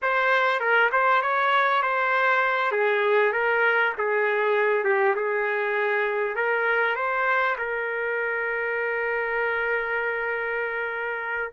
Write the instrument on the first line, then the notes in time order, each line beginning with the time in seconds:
trumpet
0.02 C5
0.60 A#4
0.92 C5
1.22 C#5
1.82 C5
2.71 G#4
3.32 A#4
3.98 G#4
4.84 G4
5.15 G#4
6.35 A#4
6.95 C5
7.58 A#4